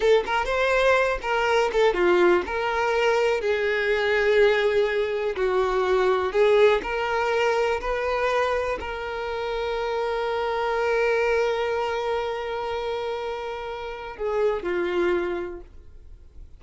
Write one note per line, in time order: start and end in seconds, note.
0.00 0.24 A4
0.26 0.45 A#4
0.45 1.18 C5
1.22 1.71 A#4
1.72 1.94 A4
1.94 2.42 F4
2.46 3.40 A#4
3.40 5.35 G#4
5.35 6.32 F#4
6.32 6.81 G#4
6.82 7.80 A#4
7.80 8.78 B4
8.80 14.16 A#4
14.16 14.63 G#4
14.63 15.60 F4